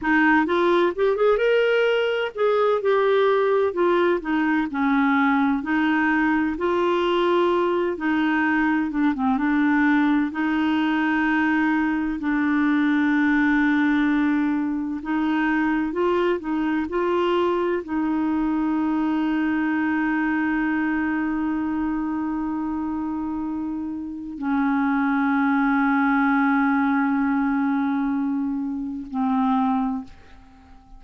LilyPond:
\new Staff \with { instrumentName = "clarinet" } { \time 4/4 \tempo 4 = 64 dis'8 f'8 g'16 gis'16 ais'4 gis'8 g'4 | f'8 dis'8 cis'4 dis'4 f'4~ | f'8 dis'4 d'16 c'16 d'4 dis'4~ | dis'4 d'2. |
dis'4 f'8 dis'8 f'4 dis'4~ | dis'1~ | dis'2 cis'2~ | cis'2. c'4 | }